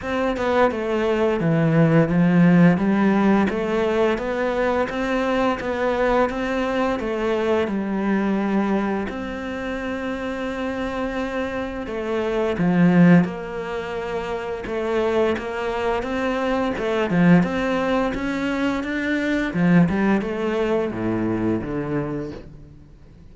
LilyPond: \new Staff \with { instrumentName = "cello" } { \time 4/4 \tempo 4 = 86 c'8 b8 a4 e4 f4 | g4 a4 b4 c'4 | b4 c'4 a4 g4~ | g4 c'2.~ |
c'4 a4 f4 ais4~ | ais4 a4 ais4 c'4 | a8 f8 c'4 cis'4 d'4 | f8 g8 a4 a,4 d4 | }